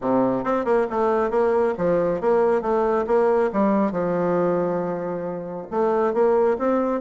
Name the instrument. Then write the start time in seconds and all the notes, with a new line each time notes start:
bassoon
0.01 C3
0.44 C4
0.64 A#3
0.90 A3
1.30 A#3
1.77 F3
2.20 A#3
2.61 A3
3.06 A#3
3.53 G3
3.91 F3
5.70 A3
6.13 A#3
6.58 C4